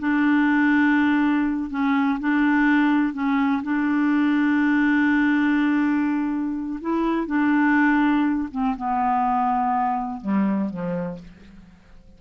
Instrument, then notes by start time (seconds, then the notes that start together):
clarinet
0.00 D4
1.71 C#4
2.20 D4
3.14 C#4
3.63 D4
6.81 E4
7.27 D4
8.52 C4
8.77 B3
10.22 G3
10.71 F3